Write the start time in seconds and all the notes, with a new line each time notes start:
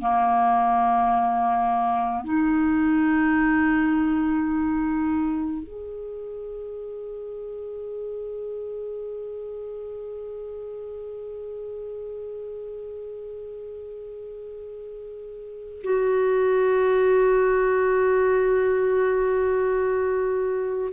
0.00 A#3
2.24 D#4
5.63 G#4
15.83 F#4